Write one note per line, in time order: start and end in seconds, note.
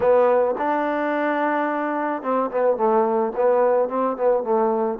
0.00 0.55 B3
0.57 2.22 D4
2.22 2.50 C4
2.51 2.77 B3
2.77 3.32 A3
3.36 3.89 B3
3.89 4.16 C4
4.16 4.43 B3
4.43 4.98 A3